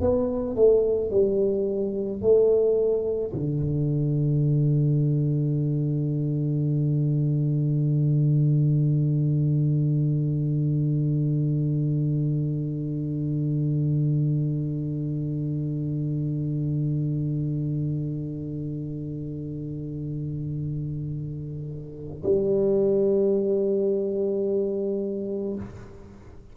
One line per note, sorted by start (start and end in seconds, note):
0.00 0.56 B3
0.56 1.10 A3
1.10 2.21 G3
2.21 3.32 A3
3.33 22.22 D3
22.22 25.56 G3